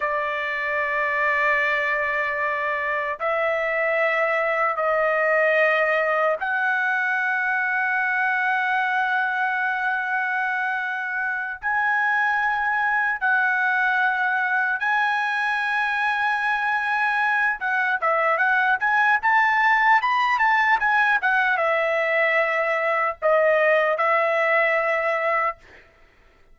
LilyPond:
\new Staff \with { instrumentName = "trumpet" } { \time 4/4 \tempo 4 = 75 d''1 | e''2 dis''2 | fis''1~ | fis''2~ fis''8 gis''4.~ |
gis''8 fis''2 gis''4.~ | gis''2 fis''8 e''8 fis''8 gis''8 | a''4 b''8 a''8 gis''8 fis''8 e''4~ | e''4 dis''4 e''2 | }